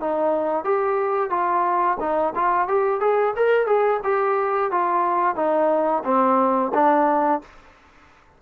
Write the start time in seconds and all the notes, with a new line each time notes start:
0.00 D#4
0.64 G4
1.30 F4
2.00 D#4
2.35 F4
2.68 G4
3.01 G#4
3.36 A#4
3.67 G#4
4.04 G4
4.71 F4
5.36 D#4
6.05 C4
6.74 D4